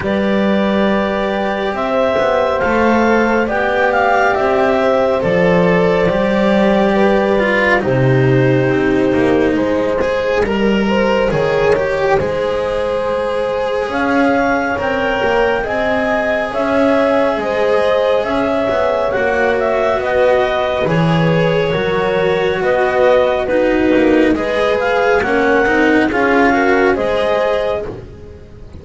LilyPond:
<<
  \new Staff \with { instrumentName = "clarinet" } { \time 4/4 \tempo 4 = 69 d''2 e''4 f''4 | g''8 f''8 e''4 d''2~ | d''4 c''2 dis''4~ | dis''1 |
f''4 g''4 gis''4 e''4 | dis''4 e''4 fis''8 e''8 dis''4 | cis''2 dis''4 b'4 | dis''8 f''8 fis''4 f''4 dis''4 | }
  \new Staff \with { instrumentName = "horn" } { \time 4/4 b'2 c''2 | d''4. c''2~ c''8 | b'4 g'2 c''4 | ais'8 c''8 cis''4 c''2 |
cis''2 dis''4 cis''4 | c''4 cis''2 b'4~ | b'4 ais'4 b'4 fis'4 | b'4 ais'4 gis'8 ais'8 c''4 | }
  \new Staff \with { instrumentName = "cello" } { \time 4/4 g'2. a'4 | g'2 a'4 g'4~ | g'8 f'8 dis'2~ dis'8 gis'8 | ais'4 gis'8 g'8 gis'2~ |
gis'4 ais'4 gis'2~ | gis'2 fis'2 | gis'4 fis'2 dis'4 | gis'4 cis'8 dis'8 f'8 fis'8 gis'4 | }
  \new Staff \with { instrumentName = "double bass" } { \time 4/4 g2 c'8 b8 a4 | b4 c'4 f4 g4~ | g4 c4 c'8 ais8 gis4 | g4 dis4 gis2 |
cis'4 c'8 ais8 c'4 cis'4 | gis4 cis'8 b8 ais4 b4 | e4 fis4 b4. ais8 | gis4 ais8 c'8 cis'4 gis4 | }
>>